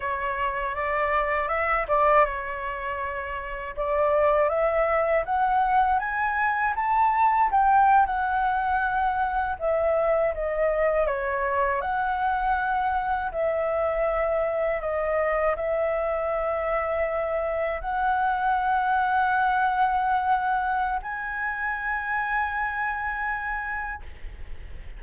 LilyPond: \new Staff \with { instrumentName = "flute" } { \time 4/4 \tempo 4 = 80 cis''4 d''4 e''8 d''8 cis''4~ | cis''4 d''4 e''4 fis''4 | gis''4 a''4 g''8. fis''4~ fis''16~ | fis''8. e''4 dis''4 cis''4 fis''16~ |
fis''4.~ fis''16 e''2 dis''16~ | dis''8. e''2. fis''16~ | fis''1 | gis''1 | }